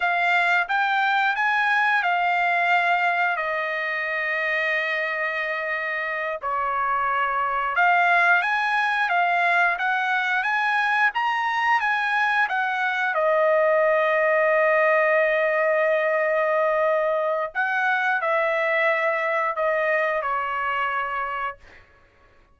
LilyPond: \new Staff \with { instrumentName = "trumpet" } { \time 4/4 \tempo 4 = 89 f''4 g''4 gis''4 f''4~ | f''4 dis''2.~ | dis''4. cis''2 f''8~ | f''8 gis''4 f''4 fis''4 gis''8~ |
gis''8 ais''4 gis''4 fis''4 dis''8~ | dis''1~ | dis''2 fis''4 e''4~ | e''4 dis''4 cis''2 | }